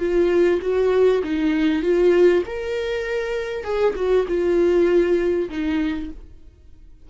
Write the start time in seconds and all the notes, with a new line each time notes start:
0.00 F4
0.62 F#4
1.24 D#4
1.83 F4
2.47 A#4
3.64 G#4
3.96 F#4
4.28 F4
5.50 D#4